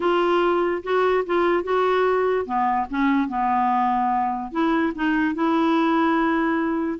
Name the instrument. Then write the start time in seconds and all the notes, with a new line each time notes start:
clarinet
0.00 F4
0.83 F#4
1.25 F4
1.63 F#4
2.45 B3
2.90 C#4
3.28 B3
4.51 E4
4.95 D#4
5.34 E4